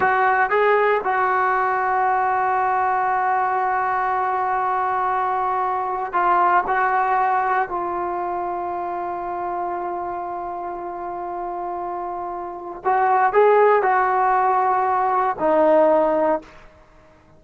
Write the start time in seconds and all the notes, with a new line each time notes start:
0.00 F#4
0.49 G#4
1.03 F#4
6.13 F4
6.67 F#4
7.68 F4
12.84 F#4
13.32 G#4
13.82 F#4
15.39 D#4